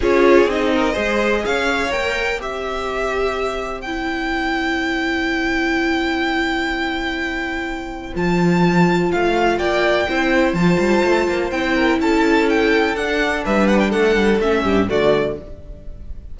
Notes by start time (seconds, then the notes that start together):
0.00 C#4 F4 G#4 C#5
0.46 C4 D#4 D#5
0.73 A#4
0.92 G#3 G#4 C5
1.45 C#4 C#5 F5
1.91 A#3 A#4 G5
2.38 C4 G4 C5 E5
3.81 E4 G5
8.14 F3 F4 A5
9.11 A3 F5
9.58 A#3 D5 G5
10.08 C4 E4 C5
10.53 F3 A5
10.60 F4
10.79 G3
11.04 A3
11.27 A#3
11.51 C4 E4 G5
11.75 A#4
11.99 C#4 A4 A5
12.49 G5
12.95 D4 F#5
13.44 G3 B4 E5
13.67 F#5
13.78 G5
13.90 A3 A4 F#5
14.15 G3
14.39 A3 C#4 E5
14.64 G2 G4
14.88 D3 A3 F#4 D5